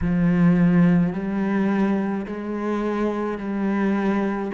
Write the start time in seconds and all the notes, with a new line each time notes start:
0.01 F3
1.12 G3
2.26 G#3
3.38 G3